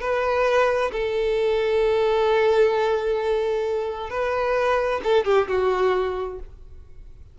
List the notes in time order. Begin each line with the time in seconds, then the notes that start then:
0.00 B4
0.92 A4
4.10 B4
5.03 A4
5.24 G4
5.48 F#4